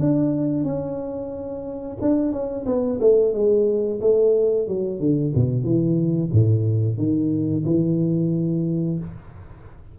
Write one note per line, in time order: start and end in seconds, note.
0.00 0.64 D4
0.64 1.98 C#4
2.02 2.32 D4
2.32 2.65 C#4
2.66 3.00 B3
3.01 3.34 A3
3.34 4.01 G#3
4.01 4.68 A3
4.68 5.00 F#3
5.00 5.33 D3
5.35 5.64 B2
5.64 6.31 E3
6.33 6.98 A2
6.98 7.64 D#3
7.65 8.99 E3